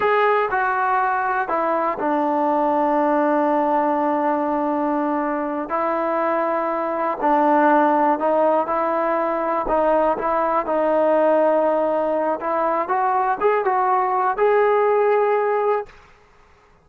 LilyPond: \new Staff \with { instrumentName = "trombone" } { \time 4/4 \tempo 4 = 121 gis'4 fis'2 e'4 | d'1~ | d'2.~ d'8 e'8~ | e'2~ e'8 d'4.~ |
d'8 dis'4 e'2 dis'8~ | dis'8 e'4 dis'2~ dis'8~ | dis'4 e'4 fis'4 gis'8 fis'8~ | fis'4 gis'2. | }